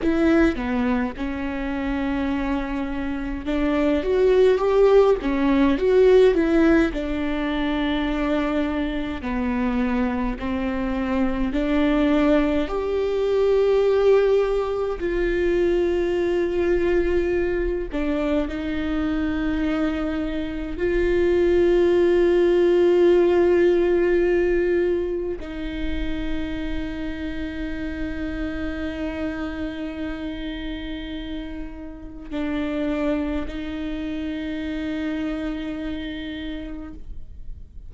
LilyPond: \new Staff \with { instrumentName = "viola" } { \time 4/4 \tempo 4 = 52 e'8 b8 cis'2 d'8 fis'8 | g'8 cis'8 fis'8 e'8 d'2 | b4 c'4 d'4 g'4~ | g'4 f'2~ f'8 d'8 |
dis'2 f'2~ | f'2 dis'2~ | dis'1 | d'4 dis'2. | }